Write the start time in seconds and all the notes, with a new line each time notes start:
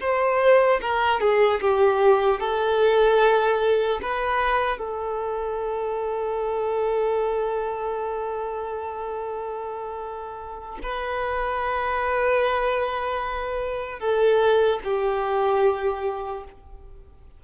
0.00 C5
0.81 A#4
1.20 G#4
1.61 G4
2.40 A4
4.01 B4
4.78 A4
10.82 B4
13.99 A4
14.84 G4